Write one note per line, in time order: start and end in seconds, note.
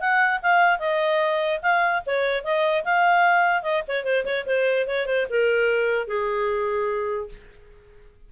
0.00 0.41 F#5
0.42 0.79 F5
0.79 1.60 D#5
1.62 2.03 F5
2.06 2.44 C#5
2.44 2.84 D#5
2.85 3.62 F5
3.62 3.83 D#5
3.88 4.04 C#5
4.04 4.24 C5
4.25 4.45 C#5
4.46 4.87 C5
4.87 5.06 C#5
5.06 5.26 C5
5.29 6.07 A#4
6.07 7.29 G#4